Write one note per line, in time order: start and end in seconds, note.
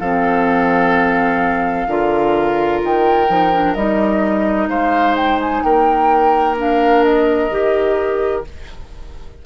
0.00 1.88 F3
0.00 1.89 C4
0.00 1.88 A4
0.00 2.81 F5
1.88 2.81 D3
1.88 3.28 F4
1.88 4.70 A#4
2.84 3.29 D#3
2.84 3.74 G5
3.28 3.76 F3
3.28 3.52 D#4
3.53 3.77 D4
3.74 4.69 G3
3.74 6.57 D#4
3.74 4.68 D#5
4.69 5.62 G#3
4.69 5.64 C5
4.69 5.16 F5
5.17 5.40 G5
5.41 5.64 G#5
5.64 7.51 A#3
5.64 8.46 A#4
5.64 6.57 G5
6.57 7.51 D4
6.57 7.04 F5
7.04 8.45 D#5
7.51 8.45 D#3
7.51 8.45 G4